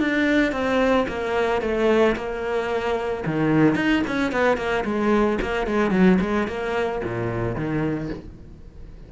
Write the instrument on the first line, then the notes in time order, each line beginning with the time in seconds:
cello
0.00 D4
0.52 C4
1.08 A#3
1.62 A3
2.16 A#3
3.27 D#3
3.76 D#4
4.08 C#4
4.32 B3
4.57 A#3
4.85 G#3
5.42 A#3
5.67 G#3
5.91 F#3
6.21 G#3
6.48 A#3
7.04 A#2
7.56 D#3